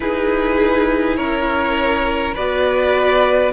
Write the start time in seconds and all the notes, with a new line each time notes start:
0.00 D#4 E4 G#4 B4
1.16 C#4 A#4 C#5
2.34 B3 F#4 B4 D5